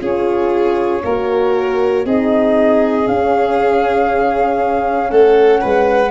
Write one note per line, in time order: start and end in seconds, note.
0.00 1.03 C#4
0.00 1.02 F4
0.00 1.02 G#4
0.00 2.06 C#5
1.03 2.05 A#3
1.03 2.07 F#4
1.03 2.05 A#4
2.05 3.07 C4
2.05 3.04 D#4
2.05 5.10 G#4
2.05 3.07 D#5
3.04 6.09 C#4
3.04 5.11 C#4
3.04 5.10 F5
5.10 5.61 A3
5.10 5.61 A4
5.10 6.11 F#5
5.61 6.11 G#3
5.61 6.11 B4